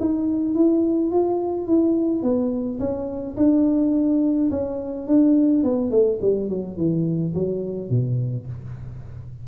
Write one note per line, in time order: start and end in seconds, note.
0.00 0.55 D#4
0.55 1.11 E4
1.12 1.67 F4
1.67 2.23 E4
2.23 2.79 B3
2.79 3.36 C#4
3.37 4.50 D4
4.51 5.07 C#4
5.07 5.64 D4
5.64 5.91 B3
5.91 6.19 A3
6.22 6.49 G3
6.49 6.77 F#3
6.77 7.34 E3
7.35 7.90 F#3
7.90 8.47 B2